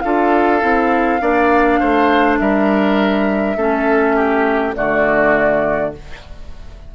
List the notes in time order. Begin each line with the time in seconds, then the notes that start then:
0.00 D4 F4 A4 F5
0.61 C4 E4
1.21 A#3 D4 D5
1.80 A3 C5
2.38 G3 A#4 E5
3.56 A3 C#4 A4
4.16 G4
4.75 D3 A3 F#4 D5